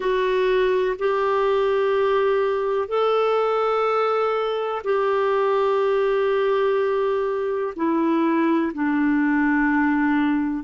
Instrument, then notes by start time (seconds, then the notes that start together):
clarinet
0.00 F#4
0.99 G4
2.88 A4
4.83 G4
7.76 E4
8.73 D4